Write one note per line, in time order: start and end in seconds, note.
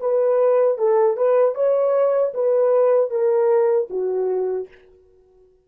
0.00 0.78 B4
0.78 1.17 A4
1.17 1.55 B4
1.55 2.33 C#5
2.34 3.10 B4
3.10 3.88 A#4
3.90 4.68 F#4